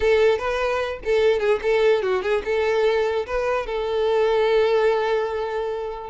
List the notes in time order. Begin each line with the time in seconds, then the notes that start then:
0.00 A4
0.38 B4
1.04 A4
1.39 G#4
1.62 A4
2.02 F#4
2.22 G#4
2.45 A4
3.26 B4
3.66 A4